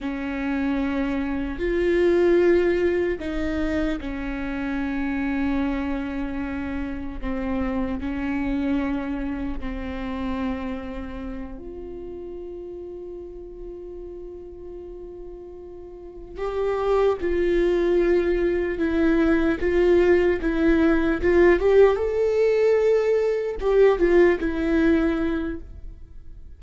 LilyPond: \new Staff \with { instrumentName = "viola" } { \time 4/4 \tempo 4 = 75 cis'2 f'2 | dis'4 cis'2.~ | cis'4 c'4 cis'2 | c'2~ c'8 f'4.~ |
f'1~ | f'8 g'4 f'2 e'8~ | e'8 f'4 e'4 f'8 g'8 a'8~ | a'4. g'8 f'8 e'4. | }